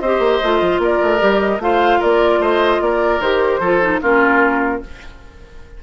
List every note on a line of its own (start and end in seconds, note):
0.00 0.19 C4
0.00 0.43 G4
0.00 0.82 C5
0.00 0.80 D#5
0.19 0.39 A#3
0.43 0.61 A3
0.43 1.20 F4
0.61 0.79 F3
0.79 0.99 A#3
0.79 1.62 A#4
0.79 1.40 D5
1.03 1.22 A3
1.20 1.59 G3
1.20 1.60 G4
1.40 1.60 D#5
1.59 1.99 A3
1.59 3.21 F4
1.59 2.00 C5
1.59 2.02 F5
2.00 2.40 A#3
2.00 2.40 A#4
2.00 2.42 D5
2.40 2.80 A3
2.40 2.81 C5
2.40 2.82 D#5
2.81 3.20 A#3
2.81 3.60 A#4
2.81 3.21 D5
3.20 3.60 D#3
3.20 3.62 G4
3.20 4.01 C5
3.60 4.00 F3
3.60 3.82 F4
3.60 4.00 A4
3.82 4.02 D#4
4.02 4.83 A#3
4.02 4.82 C#4
4.02 4.82 F4
4.02 4.83 A#4